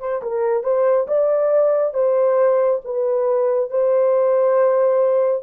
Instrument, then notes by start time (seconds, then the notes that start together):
horn
0.00 C5
0.23 A#4
0.64 C5
1.08 D5
1.94 C5
2.85 B4
3.71 C5